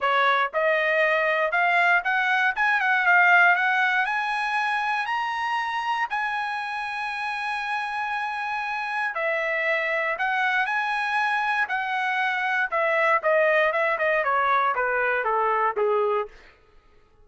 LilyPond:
\new Staff \with { instrumentName = "trumpet" } { \time 4/4 \tempo 4 = 118 cis''4 dis''2 f''4 | fis''4 gis''8 fis''8 f''4 fis''4 | gis''2 ais''2 | gis''1~ |
gis''2 e''2 | fis''4 gis''2 fis''4~ | fis''4 e''4 dis''4 e''8 dis''8 | cis''4 b'4 a'4 gis'4 | }